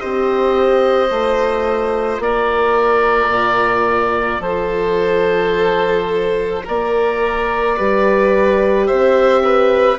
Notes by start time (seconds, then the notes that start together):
0.00 C4 G4 C5 D#5
1.09 A3 F4
2.19 A#3 A#4 D5
3.28 A#2
4.40 F3 A4 C5
6.65 A#3 A#4 D5
7.77 G3 G4 B4
8.87 C4 C5 E5
9.44 B4